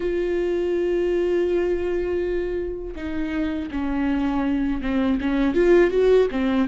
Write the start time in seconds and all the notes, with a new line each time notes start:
0.00 F4
2.95 D#4
3.71 C#4
4.81 C4
5.21 C#4
5.54 F4
5.91 F#4
6.31 C4